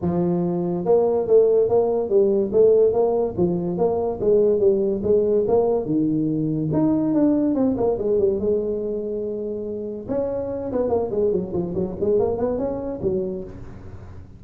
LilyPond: \new Staff \with { instrumentName = "tuba" } { \time 4/4 \tempo 4 = 143 f2 ais4 a4 | ais4 g4 a4 ais4 | f4 ais4 gis4 g4 | gis4 ais4 dis2 |
dis'4 d'4 c'8 ais8 gis8 g8 | gis1 | cis'4. b8 ais8 gis8 fis8 f8 | fis8 gis8 ais8 b8 cis'4 fis4 | }